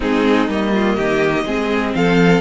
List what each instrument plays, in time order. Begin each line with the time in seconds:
0.00 cello G#3, viola C4, violin D#4 G#4
0.48 cello G3, viola A#3, violin D#5
0.73 violin F4
0.96 cello D#3, violin G4
1.45 cello G#3, viola C4, violin G#4
1.94 cello F3, violin A4 F5